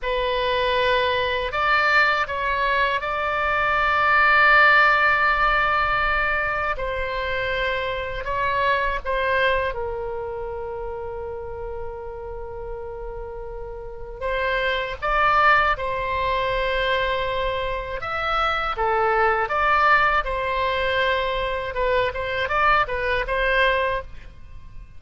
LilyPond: \new Staff \with { instrumentName = "oboe" } { \time 4/4 \tempo 4 = 80 b'2 d''4 cis''4 | d''1~ | d''4 c''2 cis''4 | c''4 ais'2.~ |
ais'2. c''4 | d''4 c''2. | e''4 a'4 d''4 c''4~ | c''4 b'8 c''8 d''8 b'8 c''4 | }